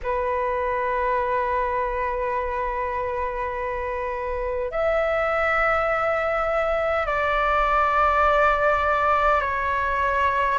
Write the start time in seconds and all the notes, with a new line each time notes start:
0.02 B4
4.71 E5
7.06 D5
9.41 C#5